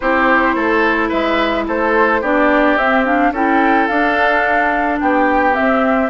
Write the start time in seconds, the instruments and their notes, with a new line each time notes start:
0.00 bassoon C4, clarinet E4, oboe G4, flute C5
0.55 bassoon A3, oboe A4
1.08 bassoon G#3, oboe B4, flute E5
1.67 bassoon A3, oboe A4, flute C5
2.21 bassoon B3, clarinet D4, oboe G4, flute D5
2.76 bassoon C4, clarinet C4, flute E5
3.05 clarinet D4, flute F5
3.31 bassoon C#4, clarinet E4, oboe A4, flute G5
3.87 bassoon D4, clarinet D4, flute F5
5.00 bassoon B3, oboe G4, flute G5
5.53 clarinet C4, flute E5
5.60 bassoon C4